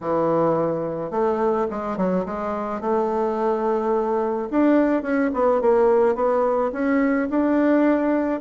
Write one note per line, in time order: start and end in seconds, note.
0.00 1.11 E3
1.11 1.67 A3
1.70 1.97 G#3
1.97 2.25 F#3
2.25 2.80 G#3
2.80 4.49 A3
4.50 5.02 D4
5.02 5.30 C#4
5.33 5.61 B3
5.61 6.15 A#3
6.15 6.71 B3
6.72 7.28 C#4
7.29 8.40 D4